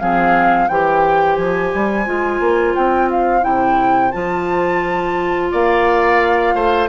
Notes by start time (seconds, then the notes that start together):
0.00 F3 C4 G#4 F5
0.68 E3 G4 C5 G5
1.36 F3 G#5
1.74 G3
2.06 G#3 F4
2.40 A#3
2.75 C4 G5
3.10 F5
3.41 C3 E4 G5
4.11 F3 F4 A5
5.51 A#3 D5 F5
6.54 A3 C5